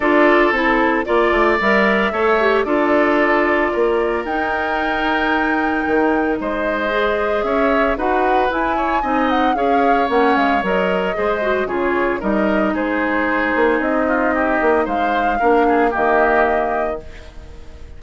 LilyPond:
<<
  \new Staff \with { instrumentName = "flute" } { \time 4/4 \tempo 4 = 113 d''4 a'4 d''4 e''4~ | e''4 d''2. | g''1 | dis''2 e''4 fis''4 |
gis''4. fis''8 f''4 fis''8 f''8 | dis''2 cis''4 dis''4 | c''2 dis''2 | f''2 dis''2 | }
  \new Staff \with { instrumentName = "oboe" } { \time 4/4 a'2 d''2 | cis''4 a'2 ais'4~ | ais'1 | c''2 cis''4 b'4~ |
b'8 cis''8 dis''4 cis''2~ | cis''4 c''4 gis'4 ais'4 | gis'2~ gis'8 f'8 g'4 | c''4 ais'8 gis'8 g'2 | }
  \new Staff \with { instrumentName = "clarinet" } { \time 4/4 f'4 e'4 f'4 ais'4 | a'8 g'8 f'2. | dis'1~ | dis'4 gis'2 fis'4 |
e'4 dis'4 gis'4 cis'4 | ais'4 gis'8 fis'8 f'4 dis'4~ | dis'1~ | dis'4 d'4 ais2 | }
  \new Staff \with { instrumentName = "bassoon" } { \time 4/4 d'4 c'4 ais8 a8 g4 | a4 d'2 ais4 | dis'2. dis4 | gis2 cis'4 dis'4 |
e'4 c'4 cis'4 ais8 gis8 | fis4 gis4 cis4 g4 | gis4. ais8 c'4. ais8 | gis4 ais4 dis2 | }
>>